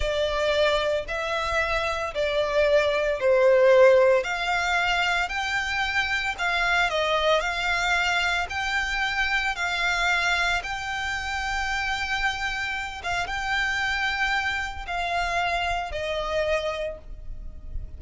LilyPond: \new Staff \with { instrumentName = "violin" } { \time 4/4 \tempo 4 = 113 d''2 e''2 | d''2 c''2 | f''2 g''2 | f''4 dis''4 f''2 |
g''2 f''2 | g''1~ | g''8 f''8 g''2. | f''2 dis''2 | }